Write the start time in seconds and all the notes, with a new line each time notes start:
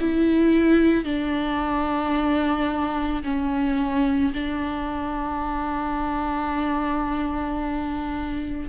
0.00 E4
1.05 D4
3.24 C#4
4.33 D4